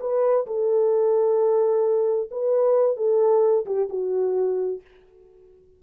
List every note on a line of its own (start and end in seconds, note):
0.00 0.46 B4
0.46 2.29 A4
2.31 2.96 B4
2.96 3.65 A4
3.65 3.88 G4
3.89 4.81 F#4